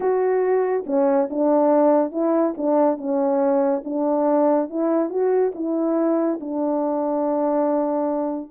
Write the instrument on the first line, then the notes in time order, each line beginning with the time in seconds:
horn
0.00 F#4
0.86 C#4
1.30 D4
2.11 E4
2.57 D4
2.97 C#4
3.84 D4
4.69 E4
5.09 F#4
5.54 E4
6.40 D4